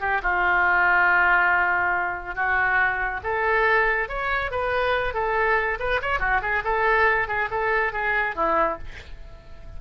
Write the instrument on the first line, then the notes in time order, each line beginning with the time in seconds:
oboe
0.00 G4
0.22 F4
2.35 F#4
3.23 A4
4.09 C#5
4.51 B4
5.14 A4
5.79 B4
6.02 C#5
6.19 F#4
6.42 G#4
6.64 A4
7.28 G#4
7.51 A4
7.93 G#4
8.35 E4